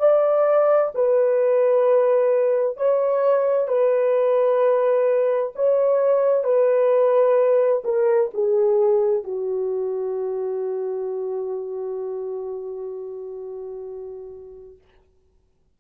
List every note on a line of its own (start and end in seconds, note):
0.00 0.92 D5
0.95 2.78 B4
2.78 3.68 C#5
3.68 5.53 B4
5.56 6.44 C#5
6.44 7.83 B4
7.85 8.31 A#4
8.34 9.24 G#4
9.24 14.78 F#4